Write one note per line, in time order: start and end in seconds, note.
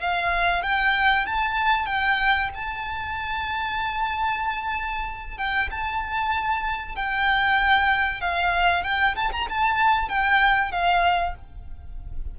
0.00 0.63 F5
0.63 1.26 G5
1.26 1.86 A5
1.86 2.49 G5
2.55 5.37 A5
5.37 5.69 G5
5.71 6.96 A5
6.96 8.21 G5
8.21 8.84 F5
8.84 9.15 G5
9.16 9.31 A5
9.32 9.48 A#5
9.49 10.09 A5
10.09 10.72 G5
10.72 11.35 F5